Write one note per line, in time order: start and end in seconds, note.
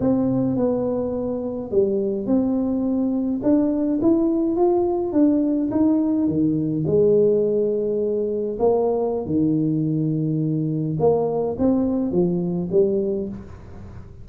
0.00 0.57 C4
0.57 1.71 B3
1.71 2.26 G3
2.26 3.41 C4
3.43 4.00 D4
4.02 4.56 E4
4.56 5.12 F4
5.12 5.70 D4
5.71 6.28 D#4
6.28 6.85 D#3
6.86 8.58 G#3
8.59 9.26 A#3
9.26 10.97 D#3
10.99 11.56 A#3
11.58 12.12 C4
12.12 12.69 F3
12.71 13.28 G3